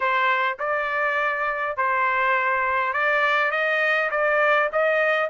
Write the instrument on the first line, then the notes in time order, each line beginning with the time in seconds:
trumpet
0.00 C5
0.59 D5
1.76 C5
2.93 D5
3.51 D#5
4.10 D5
4.72 D#5